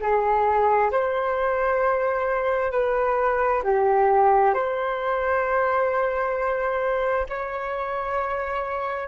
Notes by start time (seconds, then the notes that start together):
0.00 G#4
0.91 C5
2.72 B4
3.63 G4
4.54 C5
7.29 C#5